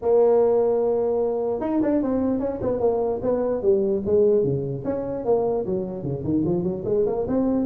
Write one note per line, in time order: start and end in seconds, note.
0.01 1.60 A#3
1.60 1.80 D#4
1.82 2.02 D4
2.02 2.39 C4
2.39 2.60 C#4
2.61 2.80 B3
2.80 3.20 A#3
3.22 3.61 B3
3.61 4.02 G3
4.05 4.43 G#3
4.43 4.83 C#3
4.84 5.24 C#4
5.24 5.65 A#3
5.65 6.03 F#3
6.03 6.23 C#3
6.23 6.44 D#3
6.45 6.63 F3
6.63 6.83 F#3
6.85 7.05 G#3
7.06 7.26 A#3
7.27 7.66 C4